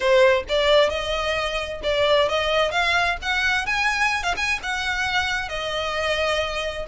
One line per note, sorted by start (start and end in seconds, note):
0.00 0.43 C5
0.49 0.89 D5
0.89 1.81 D#5
1.83 2.28 D5
2.28 2.71 D#5
2.71 3.17 F5
3.22 3.66 F#5
3.66 4.23 G#5
4.23 4.34 F5
4.36 4.59 G#5
4.62 5.48 F#5
5.48 6.86 D#5